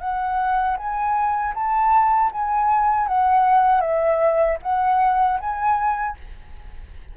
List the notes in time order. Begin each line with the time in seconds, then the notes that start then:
0.00 F#5
0.77 G#5
1.54 A5
2.32 G#5
3.07 F#5
3.81 E5
4.62 F#5
5.40 G#5